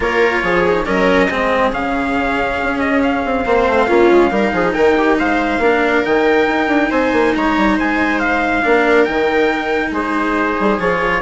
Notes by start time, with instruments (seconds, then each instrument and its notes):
0.00 bassoon A#3, cello F4, viola A#4, trumpet C#5
0.42 bassoon F3, viola G#4
0.67 cello D#4
0.85 bassoon F#3, cello C#4, viola A#4, trumpet D#5
1.28 bassoon G#3, cello C4, viola G#4
1.72 bassoon C#3, cello C#4, trumpet F5
2.63 bassoon C#4
2.79 trumpet D#5
3.02 trumpet F5
3.24 bassoon C4
3.45 bassoon A#3, cello C4, viola C5
3.67 bassoon A3
3.87 bassoon A#3, cello C#4, viola F4
4.10 bassoon G#3
4.30 bassoon G3, cello D#4, viola A#4
4.52 bassoon F3, viola G#4
4.73 bassoon D#3, viola A#4, trumpet G5
4.97 viola G4
5.18 bassoon G#3, viola C5, trumpet F5
5.58 bassoon A#3, cello D4, viola A#4
6.04 bassoon D#3, cello D#4, trumpet G5
6.46 bassoon D#4
6.67 bassoon D4
6.89 bassoon C4, viola C5, trumpet G#5
7.12 bassoon A#3
7.35 bassoon G#3, viola C#5, trumpet A#5
7.57 bassoon G3
7.76 bassoon G#3, viola C5, trumpet G#5
8.19 trumpet F5
8.62 bassoon A#3, cello D4, viola A#4
9.04 bassoon D#3, cello D#4, trumpet G5
9.91 bassoon G#3, viola G#4, trumpet C5
10.60 bassoon G3
10.78 bassoon F3, cello F4, trumpet C#5